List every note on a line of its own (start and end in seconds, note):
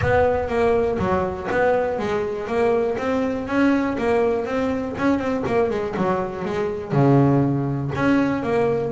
0.01 0.48 B3
0.48 0.97 A#3
0.98 1.48 F#3
1.51 1.98 B3
1.98 2.47 G#3
2.47 2.96 A#3
2.98 3.47 C4
3.47 3.97 C#4
3.98 4.45 A#3
4.45 4.95 C4
4.97 5.18 C#4
5.18 5.43 C4
5.46 5.70 A#3
5.70 5.95 G#3
5.96 6.44 F#3
6.44 6.92 G#3
6.92 7.91 C#3
7.95 8.42 C#4
8.42 8.92 A#3